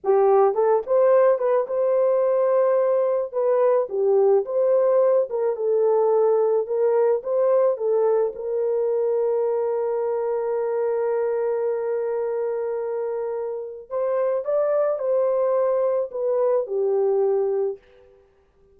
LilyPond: \new Staff \with { instrumentName = "horn" } { \time 4/4 \tempo 4 = 108 g'4 a'8 c''4 b'8 c''4~ | c''2 b'4 g'4 | c''4. ais'8 a'2 | ais'4 c''4 a'4 ais'4~ |
ais'1~ | ais'1~ | ais'4 c''4 d''4 c''4~ | c''4 b'4 g'2 | }